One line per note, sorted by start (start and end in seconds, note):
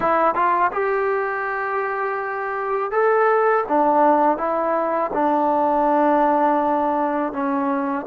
0.00 0.34 E4
0.34 0.71 F4
0.72 2.91 G4
2.91 3.64 A4
3.68 4.37 D4
4.37 5.11 E4
5.13 7.32 D4
7.32 8.06 C#4